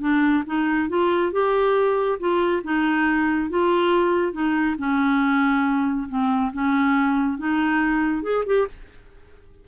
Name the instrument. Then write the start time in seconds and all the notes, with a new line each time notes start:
clarinet
0.00 D4
0.46 D#4
0.88 F4
1.32 G4
2.19 F4
2.63 D#4
3.49 F4
4.32 D#4
4.78 C#4
6.08 C4
6.53 C#4
7.38 D#4
8.22 G#4
8.45 G4